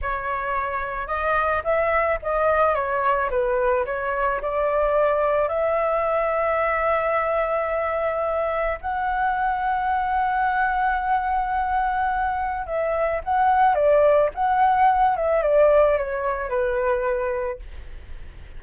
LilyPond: \new Staff \with { instrumentName = "flute" } { \time 4/4 \tempo 4 = 109 cis''2 dis''4 e''4 | dis''4 cis''4 b'4 cis''4 | d''2 e''2~ | e''1 |
fis''1~ | fis''2. e''4 | fis''4 d''4 fis''4. e''8 | d''4 cis''4 b'2 | }